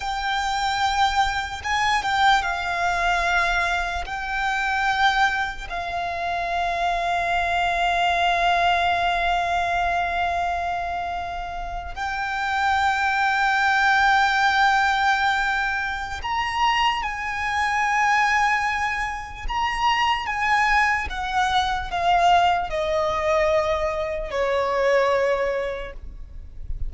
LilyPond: \new Staff \with { instrumentName = "violin" } { \time 4/4 \tempo 4 = 74 g''2 gis''8 g''8 f''4~ | f''4 g''2 f''4~ | f''1~ | f''2~ f''8. g''4~ g''16~ |
g''1 | ais''4 gis''2. | ais''4 gis''4 fis''4 f''4 | dis''2 cis''2 | }